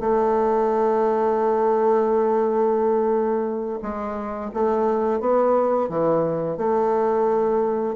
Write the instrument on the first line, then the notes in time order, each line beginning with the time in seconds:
bassoon
0.00 A3
3.82 G#3
4.54 A3
5.20 B3
5.89 E3
6.57 A3